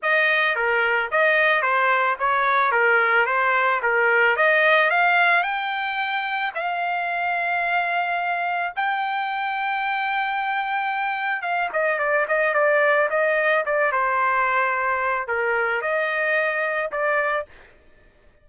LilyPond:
\new Staff \with { instrumentName = "trumpet" } { \time 4/4 \tempo 4 = 110 dis''4 ais'4 dis''4 c''4 | cis''4 ais'4 c''4 ais'4 | dis''4 f''4 g''2 | f''1 |
g''1~ | g''4 f''8 dis''8 d''8 dis''8 d''4 | dis''4 d''8 c''2~ c''8 | ais'4 dis''2 d''4 | }